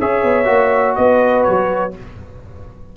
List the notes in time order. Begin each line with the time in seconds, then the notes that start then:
0.00 C#4 G#4 C#5 E5
0.24 B3
0.45 A#3 F#4
0.96 B3 B4 D#5
1.44 F#3 C#5